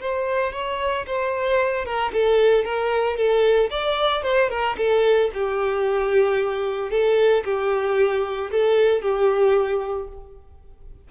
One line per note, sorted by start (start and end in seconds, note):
0.00 0.53 C5
0.53 1.06 C#5
1.06 1.85 C5
1.85 2.12 A#4
2.13 2.65 A4
2.65 3.16 A#4
3.16 3.70 A4
3.70 4.23 D5
4.23 4.49 C5
4.49 4.76 A#4
4.77 5.30 A4
5.33 6.91 G4
6.91 7.44 A4
7.44 8.51 G4
8.51 9.02 A4
9.02 10.08 G4